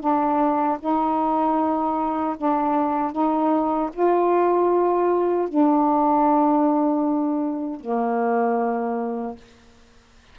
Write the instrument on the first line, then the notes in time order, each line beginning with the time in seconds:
saxophone
0.00 D4
0.80 D#4
2.37 D4
3.12 D#4
3.93 F4
5.48 D4
7.80 A#3